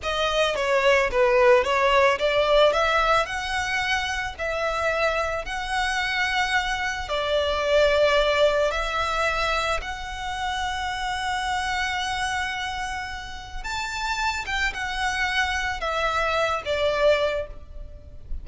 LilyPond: \new Staff \with { instrumentName = "violin" } { \time 4/4 \tempo 4 = 110 dis''4 cis''4 b'4 cis''4 | d''4 e''4 fis''2 | e''2 fis''2~ | fis''4 d''2. |
e''2 fis''2~ | fis''1~ | fis''4 a''4. g''8 fis''4~ | fis''4 e''4. d''4. | }